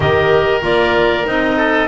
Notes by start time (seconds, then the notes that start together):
0.00 D#3 G4 A#4 D#5
0.61 A#3 F4 D5
1.25 C4 D#4 D#5
1.57 A4